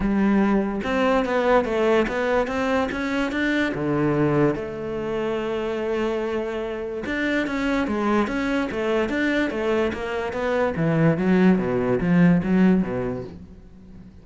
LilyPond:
\new Staff \with { instrumentName = "cello" } { \time 4/4 \tempo 4 = 145 g2 c'4 b4 | a4 b4 c'4 cis'4 | d'4 d2 a4~ | a1~ |
a4 d'4 cis'4 gis4 | cis'4 a4 d'4 a4 | ais4 b4 e4 fis4 | b,4 f4 fis4 b,4 | }